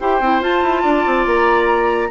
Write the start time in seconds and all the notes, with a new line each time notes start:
0.00 E4 G4 C5 G5
0.20 C4 E4
0.41 F4 A5
0.62 E4
0.82 D4 D5
1.06 C4
1.26 A#3 A#5